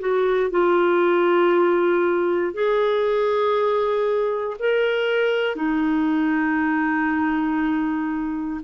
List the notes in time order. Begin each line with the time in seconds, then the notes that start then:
0.00 F#4
0.50 F4
2.54 G#4
4.59 A#4
5.56 D#4